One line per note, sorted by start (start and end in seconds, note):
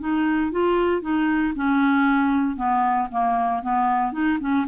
0.00 0.52 D#4
0.52 1.02 F4
1.02 1.54 D#4
1.56 2.57 C#4
2.57 3.08 B3
3.11 3.63 A#3
3.63 4.13 B3
4.13 4.39 D#4
4.41 4.66 C#4